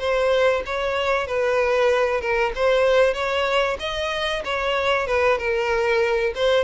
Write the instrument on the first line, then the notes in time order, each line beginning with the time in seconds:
violin
0.00 C5
0.66 C#5
1.27 B4
2.21 A#4
2.56 C5
3.14 C#5
3.80 D#5
4.45 C#5
5.08 B4
5.39 A#4
6.35 C5